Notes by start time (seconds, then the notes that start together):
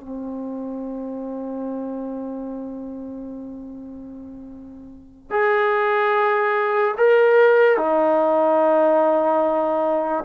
0.00 C4
5.31 G#4
6.98 A#4
7.77 D#4